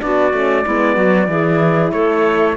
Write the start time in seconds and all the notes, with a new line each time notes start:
0.00 B3 D4 F#4 D5
0.33 A3 C#4
0.64 G#3 B3 E4
0.95 F#3 F#4
1.28 E3 E4 G#4
1.92 A3 A4 C#5